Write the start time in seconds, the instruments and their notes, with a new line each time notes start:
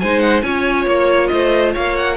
0.00 cello G#3, viola D#4, violin C5 G#5
0.19 violin F#5
0.42 cello C#4, viola F4, violin C#5 G#5
0.86 cello A#3, violin C#5
1.27 cello A3, violin C5 D#5
1.72 cello A#3, violin C#5 F5
1.96 violin F#5